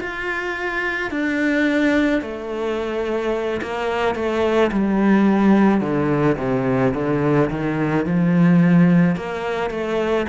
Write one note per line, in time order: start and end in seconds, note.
0.00 1.11 F4
1.11 2.22 D4
2.22 3.61 A3
3.62 4.15 A#3
4.15 4.71 A3
4.71 5.80 G3
5.80 6.36 D3
6.37 6.93 C3
6.94 7.49 D3
7.50 8.06 D#3
8.06 9.16 F3
9.16 9.70 A#3
9.70 10.26 A3